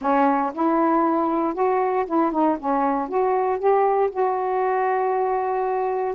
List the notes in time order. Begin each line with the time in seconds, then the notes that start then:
0.01 C#4
0.54 E4
1.54 F#4
2.06 E4
2.31 D#4
2.59 C#4
3.08 F#4
3.58 G4
4.10 F#4